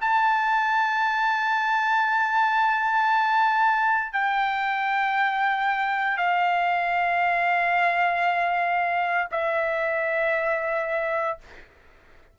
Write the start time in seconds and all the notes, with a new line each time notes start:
0.00 A5
4.12 G5
6.17 F5
9.31 E5